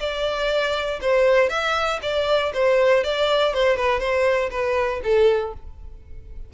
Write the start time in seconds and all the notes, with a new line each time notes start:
0.00 D5
1.02 C5
1.50 E5
2.02 D5
2.54 C5
3.04 D5
3.54 C5
3.77 B4
4.00 C5
4.51 B4
5.03 A4